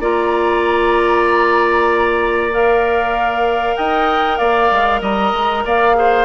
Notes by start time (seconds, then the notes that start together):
0.00 A#3 F4 D5 A#5
2.52 A#4 F5
3.77 D#4 D#5 G5
4.37 A#3 D5 F5
4.71 G#3
5.01 G3 D#5 A#5
5.33 G#3
5.65 A#3 D5 F5
5.95 G#4 C5